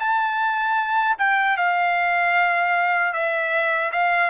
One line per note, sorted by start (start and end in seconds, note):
0.00 1.17 A5
1.19 1.58 G5
1.58 3.13 F5
3.13 3.91 E5
3.92 4.31 F5